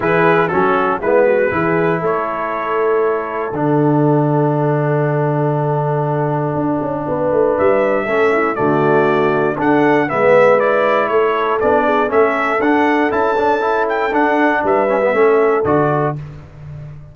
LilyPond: <<
  \new Staff \with { instrumentName = "trumpet" } { \time 4/4 \tempo 4 = 119 b'4 a'4 b'2 | cis''2. fis''4~ | fis''1~ | fis''2. e''4~ |
e''4 d''2 fis''4 | e''4 d''4 cis''4 d''4 | e''4 fis''4 a''4. g''8 | fis''4 e''2 d''4 | }
  \new Staff \with { instrumentName = "horn" } { \time 4/4 gis'4 fis'4 e'8 fis'8 gis'4 | a'1~ | a'1~ | a'2 b'2 |
a'8 e'8 fis'2 a'4 | b'2 a'4. gis'8 | a'1~ | a'4 b'4 a'2 | }
  \new Staff \with { instrumentName = "trombone" } { \time 4/4 e'4 cis'4 b4 e'4~ | e'2. d'4~ | d'1~ | d'1 |
cis'4 a2 d'4 | b4 e'2 d'4 | cis'4 d'4 e'8 d'8 e'4 | d'4. cis'16 b16 cis'4 fis'4 | }
  \new Staff \with { instrumentName = "tuba" } { \time 4/4 e4 fis4 gis4 e4 | a2. d4~ | d1~ | d4 d'8 cis'8 b8 a8 g4 |
a4 d2 d'4 | gis2 a4 b4 | a4 d'4 cis'2 | d'4 g4 a4 d4 | }
>>